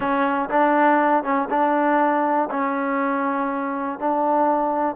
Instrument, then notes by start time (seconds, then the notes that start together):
trombone
0.00 C#4
0.49 D4
1.23 C#4
1.50 D4
2.50 C#4
3.99 D4